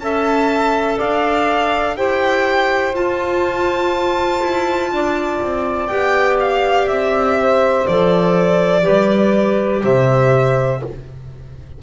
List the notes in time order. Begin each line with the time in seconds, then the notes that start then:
0.00 C#4 A4 E5 A5
0.97 D4 D5 F5
1.95 E4 G4 C5 G5
2.94 F4 A5
4.42 E4
4.92 D4 D5
5.42 C4
5.87 B3 G4 G5
6.40 F5
6.88 C4 E5
7.40 C5
7.86 F3 A4 D5
8.83 G3 G4 B4
9.83 C3 C5 E5